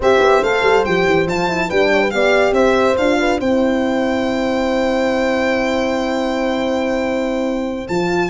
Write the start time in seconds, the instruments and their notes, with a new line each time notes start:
0.00 tuba C4, horn G4 C5, violin E5
0.19 tuba B3
0.42 tuba A3, horn A4, violin F5
0.62 tuba G3
0.84 tuba F3, horn G4, violin G5
1.06 tuba E3
1.26 tuba F3, horn F4, violin A5
1.47 horn E4
1.67 tuba G3, horn D4 B4, violin G5
1.92 horn C#5
2.02 horn B4
2.10 tuba B3, horn G4 D5, violin F5
2.52 tuba C4, horn C5, violin E5
2.97 tuba D4, horn F4, violin F5
3.19 horn B4
3.39 tuba C4, horn E4 C5, violin G5
7.87 tuba F3, horn F4, violin A5